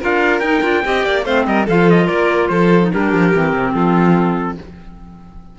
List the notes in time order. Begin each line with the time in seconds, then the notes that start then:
0.00 D4 F4 A#4 F5
0.39 D#4 G5
0.62 D4 F4
0.84 C4 G4 D#5
1.05 A#3 D5
1.25 A3 C4 C5 F5
1.47 G3 A#4 D#5
1.66 F3 F4 A4 F5
1.90 D#5
2.06 A#3 A#4 D5
2.48 F3 A4 C5
2.82 D#4
2.93 G3 D4 G4 A#4
3.13 F3
3.34 E3 C4
3.53 C3
3.75 F3 F4 A4